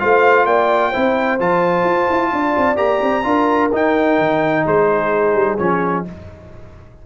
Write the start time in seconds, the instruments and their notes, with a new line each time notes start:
0.00 tuba A3, trombone F4, horn C5, trumpet F5
0.46 tuba A#3, horn D5, trumpet G5
0.91 tuba C4, trombone E4, horn C5
1.40 tuba F3, trombone F4, trumpet A5
1.85 tuba F4
2.10 tuba E4
2.33 tuba D4, horn D5
2.57 tuba C4
2.76 tuba A#3, trombone G4, trumpet A#5
3.02 tuba C4
3.24 tuba D4, trombone F4, horn A#4
3.73 tuba D#4, trombone D#4, trumpet G5
4.19 tuba D#3
4.66 tuba G#3, horn G#4, trumpet C5
5.35 tuba G3
5.58 tuba F3, trombone C#4, trumpet C#5